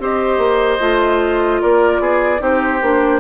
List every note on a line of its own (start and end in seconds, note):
0.00 0.38 C4
0.00 0.80 G4
0.00 1.62 C5
0.00 1.62 D#5
0.38 0.78 A#3
0.80 1.61 A3
0.80 2.39 F4
1.62 2.00 A#3
1.62 2.02 A#4
1.62 2.42 D5
2.00 2.40 B3
2.00 2.42 G#4
2.39 2.82 C4
2.39 2.79 D#4
2.39 3.21 G4
2.39 3.21 C5
2.82 3.21 A#3
2.82 3.21 D4